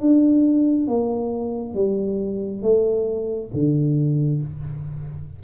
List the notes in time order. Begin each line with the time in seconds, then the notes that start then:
0.00 D4
0.87 A#3
1.74 G3
2.62 A3
3.53 D3